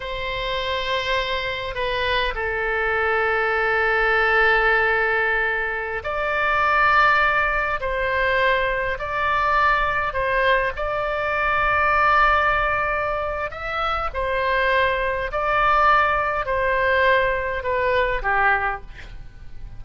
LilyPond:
\new Staff \with { instrumentName = "oboe" } { \time 4/4 \tempo 4 = 102 c''2. b'4 | a'1~ | a'2~ a'16 d''4.~ d''16~ | d''4~ d''16 c''2 d''8.~ |
d''4~ d''16 c''4 d''4.~ d''16~ | d''2. e''4 | c''2 d''2 | c''2 b'4 g'4 | }